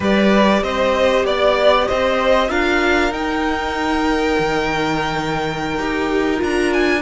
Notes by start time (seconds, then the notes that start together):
0.00 G3 G4 B4 D5
0.62 C4 C5 D#5
1.24 B3 D5
1.88 C4 C5 D#5
2.48 D4 F4 A#4 F5
3.11 D#4 G5
4.38 D#3
5.78 D#4 G4
6.36 D4 F4
6.43 A#5
6.73 G#5